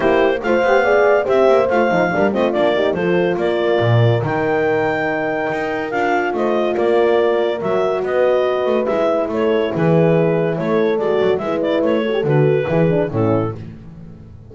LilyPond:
<<
  \new Staff \with { instrumentName = "clarinet" } { \time 4/4 \tempo 4 = 142 c''4 f''2 e''4 | f''4. dis''8 d''4 c''4 | d''2 g''2~ | g''2 f''4 dis''4 |
d''2 e''4 dis''4~ | dis''4 e''4 cis''4 b'4~ | b'4 cis''4 d''4 e''8 d''8 | cis''4 b'2 a'4 | }
  \new Staff \with { instrumentName = "horn" } { \time 4/4 g'4 c''4 d''4 c''4~ | c''4 ais'8 f'4 g'8 a'4 | ais'1~ | ais'2. c''4 |
ais'2. b'4~ | b'2 a'4 gis'4~ | gis'4 a'2 b'4~ | b'8 a'4. gis'4 e'4 | }
  \new Staff \with { instrumentName = "horn" } { \time 4/4 e'4 f'8 g'8 gis'4 g'4 | f'8 dis'8 d'8 c'8 d'8 dis'8 f'4~ | f'2 dis'2~ | dis'2 f'2~ |
f'2 fis'2~ | fis'4 e'2.~ | e'2 fis'4 e'4~ | e'8 fis'16 g'16 fis'4 e'8 d'8 cis'4 | }
  \new Staff \with { instrumentName = "double bass" } { \time 4/4 ais4 a8 b4. c'8 ais8 | a8 f8 g8 a8 ais4 f4 | ais4 ais,4 dis2~ | dis4 dis'4 d'4 a4 |
ais2 fis4 b4~ | b8 a8 gis4 a4 e4~ | e4 a4 gis8 fis8 gis4 | a4 d4 e4 a,4 | }
>>